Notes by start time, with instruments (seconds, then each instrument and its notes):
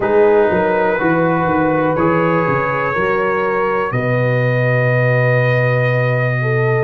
0.00 tuba G#3, trombone D#4, horn G#4, trumpet B4
0.50 tuba F#3, horn A#4
0.99 tuba E3, trombone F#4, horn B4
1.44 tuba D#3
1.95 tuba E3, trombone G#4, trumpet C#5
2.47 tuba C#3
2.93 tuba F#3, trombone F#4, horn A#4
3.91 tuba B2, horn B4, trumpet D#5
6.41 horn A4